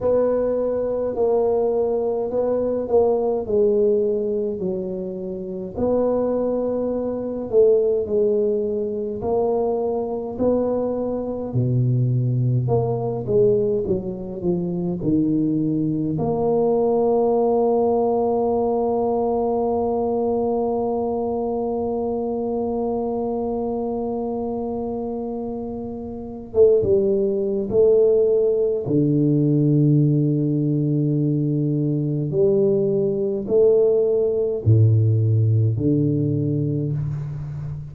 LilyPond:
\new Staff \with { instrumentName = "tuba" } { \time 4/4 \tempo 4 = 52 b4 ais4 b8 ais8 gis4 | fis4 b4. a8 gis4 | ais4 b4 b,4 ais8 gis8 | fis8 f8 dis4 ais2~ |
ais1~ | ais2. a16 g8. | a4 d2. | g4 a4 a,4 d4 | }